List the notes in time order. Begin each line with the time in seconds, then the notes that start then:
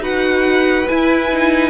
0.00 D#4 F#4 B4 F#5
0.88 E4 G#5
1.33 D#4